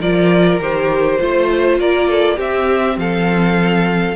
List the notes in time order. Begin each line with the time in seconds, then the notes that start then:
0.00 F3 F4 A#4 D5
0.59 D#3 G4 C5
1.19 A3 F4 C5
1.79 A#3 A#4 D5
2.09 A4
2.36 C4 G4 E5
2.97 F3 A4 F5